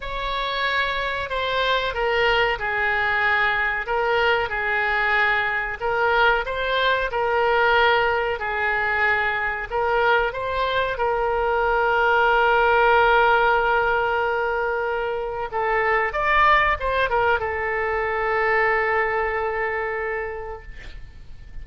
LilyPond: \new Staff \with { instrumentName = "oboe" } { \time 4/4 \tempo 4 = 93 cis''2 c''4 ais'4 | gis'2 ais'4 gis'4~ | gis'4 ais'4 c''4 ais'4~ | ais'4 gis'2 ais'4 |
c''4 ais'2.~ | ais'1 | a'4 d''4 c''8 ais'8 a'4~ | a'1 | }